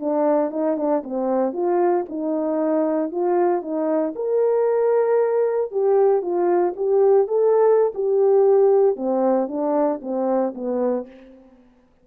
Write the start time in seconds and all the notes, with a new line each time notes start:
0.00 D4
0.51 D#4
0.77 D4
1.04 C4
1.53 F4
2.09 D#4
3.12 F4
3.62 D#4
4.16 A#4
5.72 G4
6.22 F4
6.77 G4
7.28 A4
7.95 G4
8.97 C4
9.48 D4
10.02 C4
10.55 B3